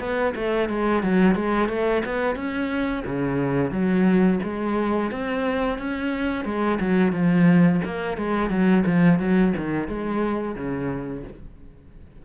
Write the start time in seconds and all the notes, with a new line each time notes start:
0.00 B3
0.35 A3
0.69 G#3
1.03 F#3
1.35 G#3
1.69 A3
2.05 B3
2.36 C#4
3.06 C#3
3.71 F#3
4.43 G#3
5.11 C4
5.79 C#4
6.45 G#3
6.80 F#3
7.13 F3
7.85 A#3
8.17 G#3
8.50 F#3
8.86 F3
9.20 F#3
9.57 D#3
9.88 G#3
10.56 C#3